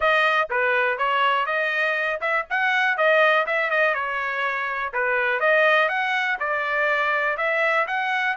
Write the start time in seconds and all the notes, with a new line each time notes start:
0.00 D#5
0.49 B4
0.98 C#5
1.46 D#5
2.21 E5
2.49 F#5
2.97 D#5
3.46 E5
3.70 D#5
3.94 C#5
4.93 B4
5.40 D#5
5.88 F#5
6.39 D5
7.37 E5
7.87 F#5